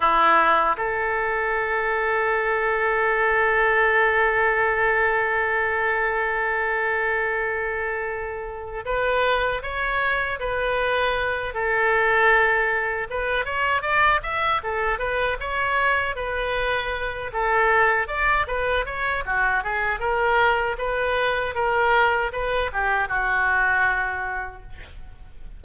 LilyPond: \new Staff \with { instrumentName = "oboe" } { \time 4/4 \tempo 4 = 78 e'4 a'2.~ | a'1~ | a'2.~ a'8 b'8~ | b'8 cis''4 b'4. a'4~ |
a'4 b'8 cis''8 d''8 e''8 a'8 b'8 | cis''4 b'4. a'4 d''8 | b'8 cis''8 fis'8 gis'8 ais'4 b'4 | ais'4 b'8 g'8 fis'2 | }